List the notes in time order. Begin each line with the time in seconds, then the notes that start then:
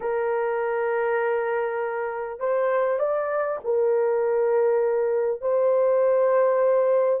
0.00 A#4
2.39 C5
2.99 D5
3.64 A#4
5.41 C5